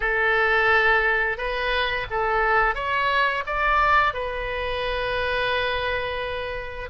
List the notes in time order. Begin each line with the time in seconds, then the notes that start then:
0.00 A4
1.37 B4
2.10 A4
2.74 C#5
3.46 D5
4.13 B4